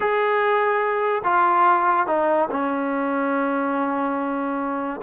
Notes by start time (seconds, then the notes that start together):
0.00 G#4
1.24 F4
2.07 D#4
2.51 C#4